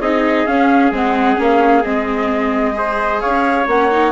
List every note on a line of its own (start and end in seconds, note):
0.00 0.46 C4
0.00 0.46 D#4
0.00 2.76 G#4
0.00 0.46 D#5
0.46 0.92 C#4
0.46 0.91 C#4
0.46 0.92 F5
0.91 1.37 G#3
0.91 1.35 C4
0.91 1.41 F#5
1.35 1.85 A#3
1.35 1.81 C#4
1.42 1.83 F5
1.83 3.22 G#3
1.83 2.74 C4
1.83 3.21 D#5
2.74 3.65 G#4
2.74 3.21 C5
3.21 3.67 C#4
3.21 4.12 C#5
3.21 3.66 F5
3.67 4.12 A#3
3.67 3.91 C#4
3.67 4.12 F#5
3.91 4.12 D#4